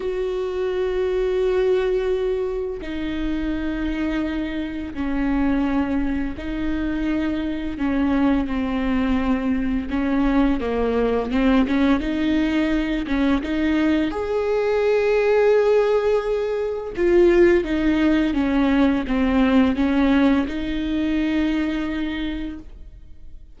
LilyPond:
\new Staff \with { instrumentName = "viola" } { \time 4/4 \tempo 4 = 85 fis'1 | dis'2. cis'4~ | cis'4 dis'2 cis'4 | c'2 cis'4 ais4 |
c'8 cis'8 dis'4. cis'8 dis'4 | gis'1 | f'4 dis'4 cis'4 c'4 | cis'4 dis'2. | }